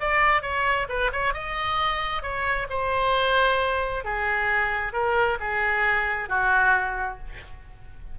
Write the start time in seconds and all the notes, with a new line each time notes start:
0.00 D5
0.42 C#5
0.89 B4
1.13 C#5
1.34 D#5
2.22 C#5
2.70 C5
4.04 G#4
4.93 A#4
5.40 G#4
6.29 F#4